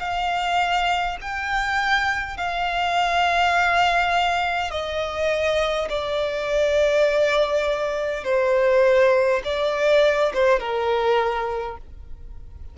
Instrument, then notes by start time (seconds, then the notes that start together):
violin
0.00 F5
1.22 G5
2.37 F5
4.71 D#5
5.89 D5
8.25 C5
9.45 D5
10.34 C5
10.60 A#4